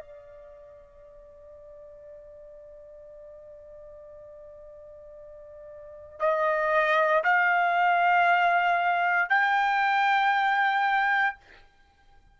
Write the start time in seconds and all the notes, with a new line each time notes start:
0.00 D5
6.20 D#5
7.24 F5
9.30 G5